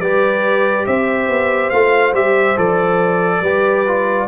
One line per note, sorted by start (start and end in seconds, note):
0.00 0.86 G3
0.00 1.73 G4
0.00 0.87 B4
0.00 0.86 D5
0.86 1.28 C4
0.86 3.41 C5
0.86 1.70 E5
1.28 1.71 B3
1.70 2.13 A3
1.70 2.14 F4
1.70 2.13 F5
2.13 2.56 G3
2.13 2.57 G4
2.13 2.58 E5
2.57 3.41 F3
2.57 3.42 A4
2.57 4.28 D5
3.41 4.27 G3
3.41 3.87 G4
3.41 4.27 B4
3.87 4.28 F4